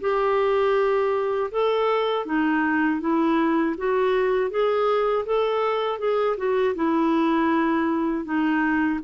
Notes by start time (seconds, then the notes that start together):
0.00 G4
1.51 A4
2.25 D#4
3.00 E4
3.77 F#4
4.50 G#4
5.25 A4
5.99 G#4
6.37 F#4
6.75 E4
8.24 D#4